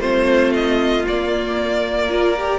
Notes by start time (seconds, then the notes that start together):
0.00 A3 C4 F4 C5
0.54 D#5
1.06 A#3 D5
2.10 F4 A#4
2.38 G4